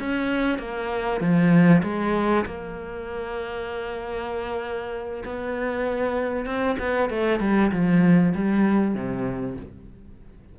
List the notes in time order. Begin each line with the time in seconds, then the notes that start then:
0.00 C#4
0.59 A#3
1.21 F3
1.84 G#3
2.46 A#3
5.25 B3
6.46 C4
6.79 B3
7.10 A3
7.40 G3
7.72 F3
8.35 G3
8.95 C3